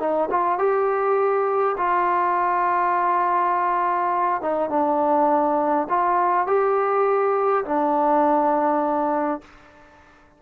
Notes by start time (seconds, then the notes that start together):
0.00 D#4
0.30 F4
0.59 G4
1.78 F4
4.42 D#4
4.70 D4
5.90 F4
6.47 G4
7.65 D4